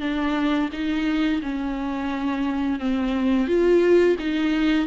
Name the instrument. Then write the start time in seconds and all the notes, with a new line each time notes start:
viola
0.00 D4
0.72 D#4
1.42 C#4
2.79 C4
3.47 F4
4.19 D#4